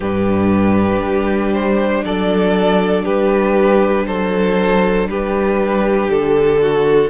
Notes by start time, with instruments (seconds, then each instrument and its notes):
0.00 cello G2, viola D4, violin G4 B4
1.01 cello G3
1.53 violin C5
2.04 cello F#3, violin A4 D5
3.04 cello G3, violin G4 B4
4.06 cello F#3, violin A4 C5
5.07 cello G3, violin G4 B4
6.09 cello D3, violin A4
6.61 violin F#4